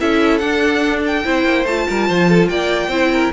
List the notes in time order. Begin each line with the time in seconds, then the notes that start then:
0.00 C#4 E4 A4 E5
0.38 D4 F#5
1.07 G5
1.24 C4 E4 C5
1.44 A#3
1.65 A3 F4 A5
1.88 G3 A#4
2.09 F3 C5
2.29 A4
2.49 A#3 D5 G5
2.88 C4 E4 C5
3.13 A#4